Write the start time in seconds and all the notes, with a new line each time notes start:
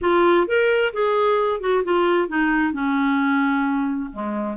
0.01 F4
0.47 A#4
0.93 G#4
1.60 F#4
1.84 F4
2.28 D#4
2.73 C#4
4.12 G#3